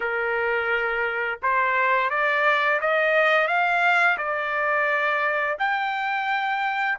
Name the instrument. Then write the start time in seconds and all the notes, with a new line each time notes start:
trumpet
0.00 A#4
1.42 C5
2.10 D5
2.80 D#5
3.47 F5
4.17 D5
5.58 G5